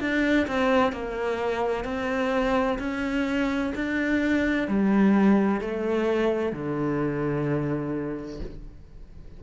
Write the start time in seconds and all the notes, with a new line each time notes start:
0.00 D4
0.47 C4
0.92 A#3
1.85 C4
2.79 C#4
3.75 D4
4.68 G3
5.61 A3
6.52 D3